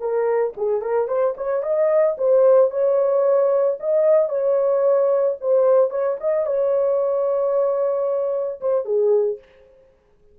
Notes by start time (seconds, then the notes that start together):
0.00 A#4
0.57 G#4
0.81 A#4
1.08 C5
1.37 C#5
1.62 D#5
2.18 C5
2.71 C#5
3.80 D#5
4.29 C#5
5.41 C5
5.90 C#5
6.20 D#5
6.46 C#5
8.61 C5
8.85 G#4